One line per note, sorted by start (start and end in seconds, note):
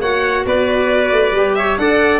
0.00 0.44 A#3
0.00 1.35 F#4
0.00 0.45 C#5
0.00 0.45 F#5
0.45 1.11 B3
0.45 1.57 B4
0.45 1.55 D5
1.12 1.32 A3
1.32 1.76 G3
1.32 1.79 G4
1.55 1.79 C#5
1.55 1.77 E5
1.77 2.20 D4
1.77 2.20 A4
1.77 2.20 D5
1.77 2.20 F#5